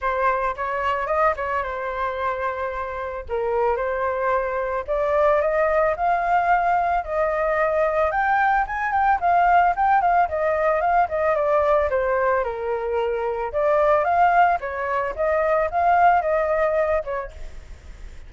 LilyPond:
\new Staff \with { instrumentName = "flute" } { \time 4/4 \tempo 4 = 111 c''4 cis''4 dis''8 cis''8 c''4~ | c''2 ais'4 c''4~ | c''4 d''4 dis''4 f''4~ | f''4 dis''2 g''4 |
gis''8 g''8 f''4 g''8 f''8 dis''4 | f''8 dis''8 d''4 c''4 ais'4~ | ais'4 d''4 f''4 cis''4 | dis''4 f''4 dis''4. cis''8 | }